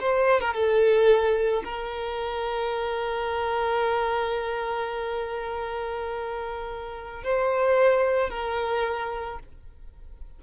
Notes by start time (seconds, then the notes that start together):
0.00 C5
0.40 A#4
0.54 A4
1.64 A#4
7.23 C5
8.30 A#4